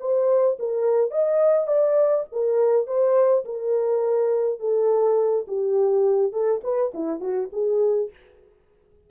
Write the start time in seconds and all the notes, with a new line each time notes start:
0.00 C5
0.59 A#4
1.11 D#5
1.67 D5
2.32 A#4
2.87 C5
3.45 A#4
4.60 A4
5.48 G4
6.33 A4
6.64 B4
6.94 E4
7.20 F#4
7.53 G#4